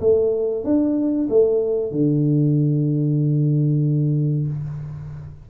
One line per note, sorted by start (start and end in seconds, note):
0.00 0.64 A3
0.64 1.28 D4
1.29 1.91 A3
1.91 4.47 D3